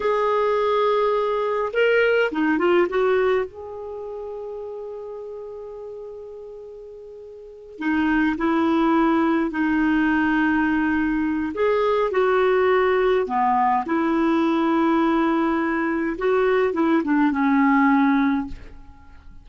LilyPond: \new Staff \with { instrumentName = "clarinet" } { \time 4/4 \tempo 4 = 104 gis'2. ais'4 | dis'8 f'8 fis'4 gis'2~ | gis'1~ | gis'4. dis'4 e'4.~ |
e'8 dis'2.~ dis'8 | gis'4 fis'2 b4 | e'1 | fis'4 e'8 d'8 cis'2 | }